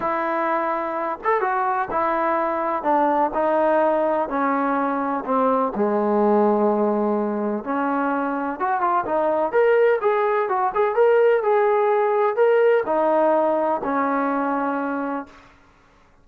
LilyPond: \new Staff \with { instrumentName = "trombone" } { \time 4/4 \tempo 4 = 126 e'2~ e'8 a'8 fis'4 | e'2 d'4 dis'4~ | dis'4 cis'2 c'4 | gis1 |
cis'2 fis'8 f'8 dis'4 | ais'4 gis'4 fis'8 gis'8 ais'4 | gis'2 ais'4 dis'4~ | dis'4 cis'2. | }